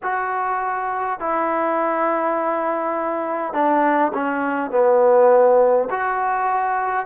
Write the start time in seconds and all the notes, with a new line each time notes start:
0.02 F#4
1.19 E4
3.53 D4
4.13 C#4
4.71 B3
5.90 F#4